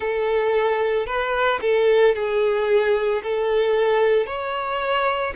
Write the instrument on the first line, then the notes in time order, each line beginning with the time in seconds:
violin
0.00 A4
1.06 B4
1.61 A4
2.14 G#4
3.23 A4
4.26 C#5